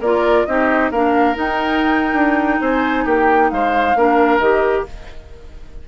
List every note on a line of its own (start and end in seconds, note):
0.00 0.45 A#3
0.00 0.48 F4
0.00 0.46 A#4
0.00 0.45 D5
0.45 0.91 C4
0.45 0.93 D#4
0.45 0.92 G4
0.45 0.91 D#5
0.91 1.36 A#3
0.91 1.35 D4
0.91 2.61 A#4
0.91 1.36 F5
1.35 3.94 D#4
1.35 2.13 D#4
1.35 2.62 G5
2.13 2.58 D4
2.61 3.06 C4
2.61 3.05 C5
2.61 3.08 G#5
3.05 3.51 A#3
3.05 3.50 G4
3.05 3.51 G5
3.51 3.95 G#3
3.51 3.98 C5
3.51 4.39 F5
3.95 4.39 A#3
3.95 4.41 D4
3.95 4.88 A#4
4.39 4.85 D#3
4.39 4.87 G4
4.39 4.84 D#5